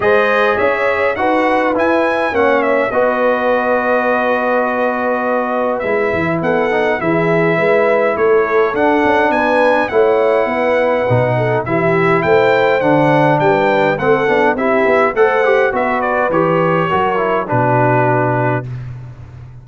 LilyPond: <<
  \new Staff \with { instrumentName = "trumpet" } { \time 4/4 \tempo 4 = 103 dis''4 e''4 fis''4 gis''4 | fis''8 e''8 dis''2.~ | dis''2 e''4 fis''4 | e''2 cis''4 fis''4 |
gis''4 fis''2. | e''4 g''4 fis''4 g''4 | fis''4 e''4 fis''4 e''8 d''8 | cis''2 b'2 | }
  \new Staff \with { instrumentName = "horn" } { \time 4/4 c''4 cis''4 b'2 | cis''4 b'2.~ | b'2. a'4 | gis'4 b'4 a'2 |
b'4 cis''4 b'4. a'8 | g'4 c''2 b'4 | a'4 g'4 c''4 b'4~ | b'4 ais'4 fis'2 | }
  \new Staff \with { instrumentName = "trombone" } { \time 4/4 gis'2 fis'4 e'4 | cis'4 fis'2.~ | fis'2 e'4. dis'8 | e'2. d'4~ |
d'4 e'2 dis'4 | e'2 d'2 | c'8 d'8 e'4 a'8 g'8 fis'4 | g'4 fis'8 e'8 d'2 | }
  \new Staff \with { instrumentName = "tuba" } { \time 4/4 gis4 cis'4 dis'4 e'4 | ais4 b2.~ | b2 gis8 e8 b4 | e4 gis4 a4 d'8 cis'8 |
b4 a4 b4 b,4 | e4 a4 d4 g4 | a8 b8 c'8 b8 a4 b4 | e4 fis4 b,2 | }
>>